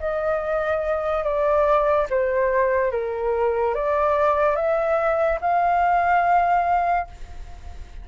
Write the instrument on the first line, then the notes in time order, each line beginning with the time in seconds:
flute
0.00 D#5
1.24 D5
2.10 C5
2.92 A#4
3.75 D5
4.56 E5
5.41 F5